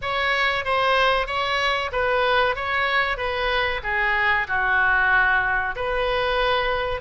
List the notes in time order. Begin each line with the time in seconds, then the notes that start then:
0.01 C#5
0.64 C5
1.26 C#5
1.91 B4
2.55 C#5
3.17 B4
3.83 G#4
4.47 F#4
5.75 B4